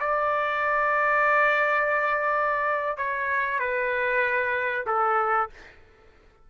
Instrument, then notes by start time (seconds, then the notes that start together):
trumpet
0.00 D5
2.97 C#5
3.59 B4
4.87 A4